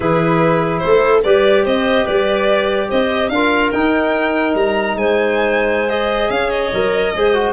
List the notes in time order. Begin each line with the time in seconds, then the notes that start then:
0.00 E3 E4 G#4 B4
0.78 A3 A4 C5
1.23 G3 G4 B4 D5
1.63 C4 C5 D#5
2.04 G3 B4 D5
2.88 C4 C5 D#5
3.29 D4 F4 A#4 F5
3.71 D#4 G5
4.54 G3 A#5
4.95 G#3 C5 G#5
5.88 G#4 D#5
6.30 C#4 C#5 F5
6.50 D#5
6.72 F#3 A#4
7.14 G#3 G#4 C5
7.34 F#4